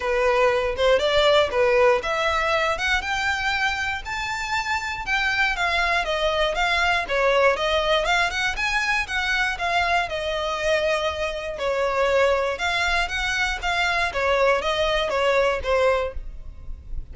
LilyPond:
\new Staff \with { instrumentName = "violin" } { \time 4/4 \tempo 4 = 119 b'4. c''8 d''4 b'4 | e''4. fis''8 g''2 | a''2 g''4 f''4 | dis''4 f''4 cis''4 dis''4 |
f''8 fis''8 gis''4 fis''4 f''4 | dis''2. cis''4~ | cis''4 f''4 fis''4 f''4 | cis''4 dis''4 cis''4 c''4 | }